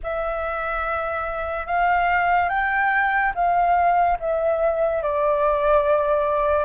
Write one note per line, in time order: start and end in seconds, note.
0.03 1.66 E5
1.66 2.49 F5
2.49 3.32 G5
3.34 4.18 F5
4.19 5.02 E5
5.02 6.64 D5